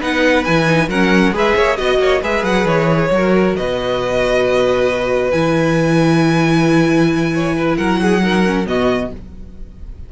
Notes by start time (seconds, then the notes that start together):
0.00 B3 D#4 B4 F#5
0.44 E3 E4 G#5
0.66 D#4
0.87 F#3 C#4 A#4 F#5
1.31 G#3 G#4 B4
1.37 E5
1.55 A#3 C#5
1.76 B3 F#4 D#5
1.98 A#3 C#5
2.21 G#3 G#4 B4 E5
2.43 F#3 F#5
2.65 E3 C#5
3.10 F#3 F#4 A#4
3.55 B2 B4 D#5
5.31 E3 E4 G#5
7.33 C#5
7.56 B4
7.77 F#3 A#4 F#5
8.02 G#4
8.22 D#4 A#4
8.45 C#4
8.65 B2 B3 F#4 D#5